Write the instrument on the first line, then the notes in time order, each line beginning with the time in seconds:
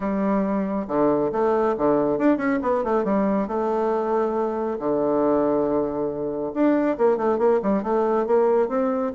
bassoon
0.00 G3
0.87 D3
1.32 A3
1.77 D3
2.18 D4
2.37 C#4
2.62 B3
2.84 A3
3.04 G3
3.47 A3
4.79 D3
6.53 D4
6.97 A#3
7.17 A3
7.38 A#3
7.62 G3
7.82 A3
8.26 A#3
8.68 C4